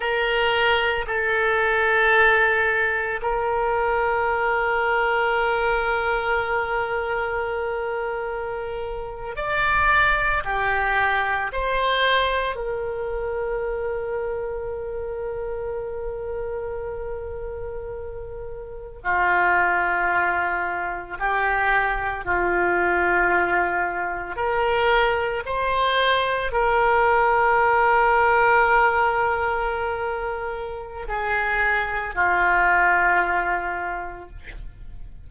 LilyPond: \new Staff \with { instrumentName = "oboe" } { \time 4/4 \tempo 4 = 56 ais'4 a'2 ais'4~ | ais'1~ | ais'8. d''4 g'4 c''4 ais'16~ | ais'1~ |
ais'4.~ ais'16 f'2 g'16~ | g'8. f'2 ais'4 c''16~ | c''8. ais'2.~ ais'16~ | ais'4 gis'4 f'2 | }